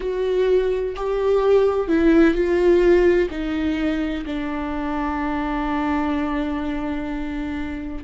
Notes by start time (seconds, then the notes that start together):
0.00 F#4
0.96 G4
1.88 E4
2.34 F4
3.30 D#4
4.26 D4